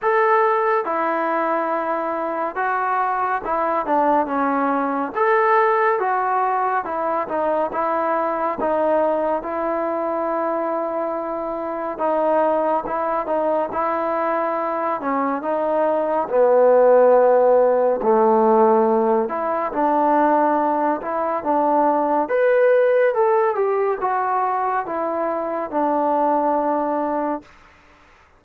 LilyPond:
\new Staff \with { instrumentName = "trombone" } { \time 4/4 \tempo 4 = 70 a'4 e'2 fis'4 | e'8 d'8 cis'4 a'4 fis'4 | e'8 dis'8 e'4 dis'4 e'4~ | e'2 dis'4 e'8 dis'8 |
e'4. cis'8 dis'4 b4~ | b4 a4. e'8 d'4~ | d'8 e'8 d'4 b'4 a'8 g'8 | fis'4 e'4 d'2 | }